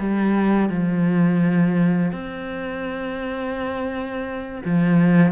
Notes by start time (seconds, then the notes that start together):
0.00 G3
0.69 F3
2.12 C4
4.65 F3